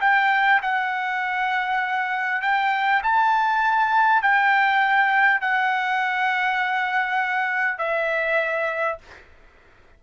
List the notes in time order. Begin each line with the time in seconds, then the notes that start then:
0.00 G5
0.62 F#5
2.41 G5
3.03 A5
4.22 G5
5.41 F#5
7.78 E5